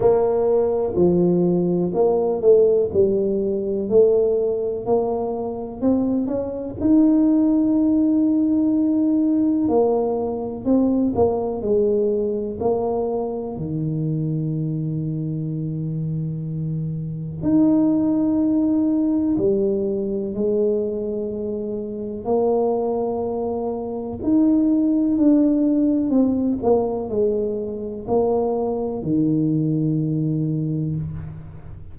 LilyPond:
\new Staff \with { instrumentName = "tuba" } { \time 4/4 \tempo 4 = 62 ais4 f4 ais8 a8 g4 | a4 ais4 c'8 cis'8 dis'4~ | dis'2 ais4 c'8 ais8 | gis4 ais4 dis2~ |
dis2 dis'2 | g4 gis2 ais4~ | ais4 dis'4 d'4 c'8 ais8 | gis4 ais4 dis2 | }